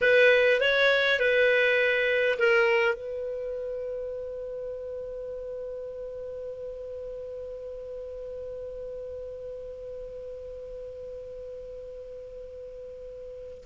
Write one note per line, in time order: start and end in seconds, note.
0.01 0.60 B4
0.60 1.19 C#5
1.19 2.38 B4
2.38 2.94 A#4
2.94 13.63 B4